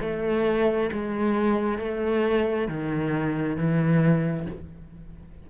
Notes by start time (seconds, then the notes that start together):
0.00 A3
0.92 G#3
1.78 A3
2.68 D#3
3.57 E3